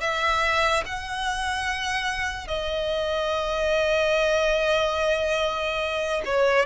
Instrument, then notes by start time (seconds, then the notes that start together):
violin
0.00 E5
0.86 F#5
2.47 D#5
6.25 C#5